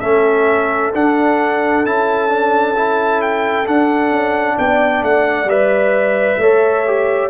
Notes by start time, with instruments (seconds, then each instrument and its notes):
0.00 tuba A3, trombone C#4, horn A4, trumpet E5
0.94 trombone D4, tuba D4, trumpet F#5
1.85 tuba C#4, trombone E4, trumpet A5
2.29 trombone D4
2.76 trombone E4
3.21 trumpet G5
3.65 trombone D4, tuba D4, trumpet F#5
4.11 tuba C#4
4.58 tuba B3, horn D5, trumpet G5
5.03 tuba A3, trumpet F#5
5.45 tuba G3, trombone B4, trumpet E5
6.38 tuba A3, trombone A4, horn C#5
6.86 trombone G4